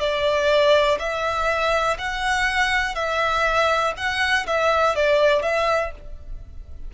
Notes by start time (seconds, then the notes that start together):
0.00 D5
0.99 E5
1.98 F#5
2.95 E5
3.97 F#5
4.47 E5
4.95 D5
5.42 E5